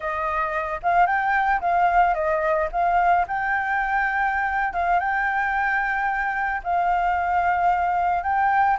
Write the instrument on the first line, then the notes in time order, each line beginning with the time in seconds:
flute
0.00 D#5
0.83 F5
1.06 G5
1.60 F5
2.14 D#5
2.71 F5
3.27 G5
4.73 F5
4.99 G5
6.63 F5
8.23 G5